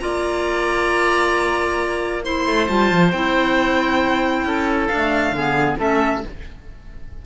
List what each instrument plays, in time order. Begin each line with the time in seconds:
0.00 cello A#3, clarinet F4, oboe D5, violin A#5
2.24 clarinet E4, oboe C5, violin C6
2.46 cello A3
2.68 cello G3, clarinet F4, violin A5
2.91 cello F3
3.12 cello C4, clarinet E4, violin G5
4.44 cello C#4, oboe A4
4.88 cello D4, violin F5
4.94 clarinet A3
5.32 cello D3, clarinet B3, oboe G#4
5.78 cello A3, clarinet C#4, oboe A4, violin E5